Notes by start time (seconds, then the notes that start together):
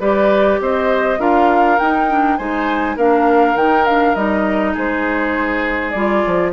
0.00 G3 G4 B4 D5
0.61 C4 C5 D#5
1.19 D4 F4 A#4 F5
1.79 D#4 G5
2.10 D4
2.37 G#3 D#4 C5 G#5
2.97 A#3 D4 A#4 F5
3.56 D#3 D#4 G5
3.86 D4 F5
4.15 G3 D#4 D#5
4.74 G#3 G#4 C5
5.91 G3 F4 D5
6.27 F3